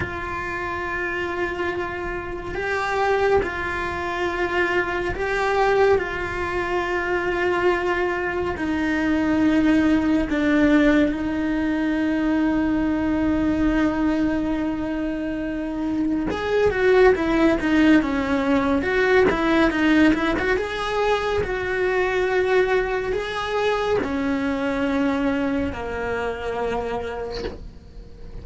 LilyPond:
\new Staff \with { instrumentName = "cello" } { \time 4/4 \tempo 4 = 70 f'2. g'4 | f'2 g'4 f'4~ | f'2 dis'2 | d'4 dis'2.~ |
dis'2. gis'8 fis'8 | e'8 dis'8 cis'4 fis'8 e'8 dis'8 e'16 fis'16 | gis'4 fis'2 gis'4 | cis'2 ais2 | }